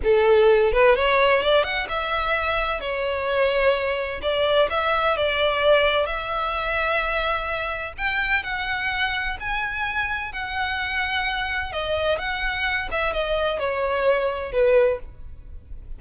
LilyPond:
\new Staff \with { instrumentName = "violin" } { \time 4/4 \tempo 4 = 128 a'4. b'8 cis''4 d''8 fis''8 | e''2 cis''2~ | cis''4 d''4 e''4 d''4~ | d''4 e''2.~ |
e''4 g''4 fis''2 | gis''2 fis''2~ | fis''4 dis''4 fis''4. e''8 | dis''4 cis''2 b'4 | }